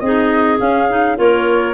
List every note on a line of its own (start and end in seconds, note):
0.00 0.59 C4
0.00 0.58 D#4
0.00 1.18 G#4
0.00 0.58 D#5
0.58 0.87 C#4
0.58 1.18 C#4
0.58 1.18 F5
0.90 1.17 D#4
1.17 1.74 A#3
1.17 1.74 F4
1.17 1.74 A#4
1.17 1.74 C#5